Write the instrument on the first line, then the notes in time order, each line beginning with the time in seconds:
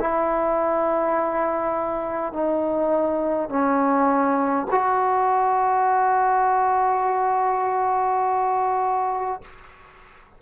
trombone
0.00 E4
2.33 D#4
3.50 C#4
4.72 F#4